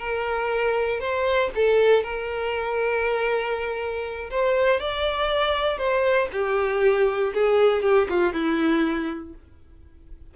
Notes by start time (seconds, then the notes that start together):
0.00 A#4
1.00 C5
1.56 A4
2.04 A#4
4.31 C5
4.81 D5
5.78 C5
6.33 G4
7.34 G#4
7.83 G4
8.09 F4
8.34 E4